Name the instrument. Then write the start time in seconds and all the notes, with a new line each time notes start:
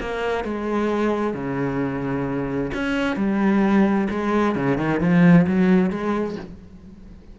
cello
0.00 A#3
0.44 G#3
1.34 C#3
2.74 C#4
3.16 G3
4.10 G#3
4.55 C#3
4.77 D#3
5.00 F3
5.47 F#3
5.90 G#3